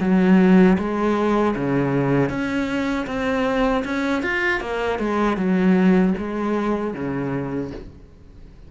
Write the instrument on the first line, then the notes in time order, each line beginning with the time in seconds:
cello
0.00 F#3
0.78 G#3
1.55 C#3
2.29 C#4
3.06 C4
3.84 C#4
4.22 F4
4.60 A#3
4.99 G#3
5.37 F#3
6.17 G#3
6.94 C#3